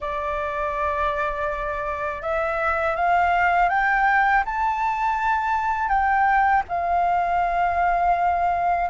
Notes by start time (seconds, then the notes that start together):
0.00 D5
2.22 E5
2.96 F5
3.69 G5
4.45 A5
5.88 G5
6.68 F5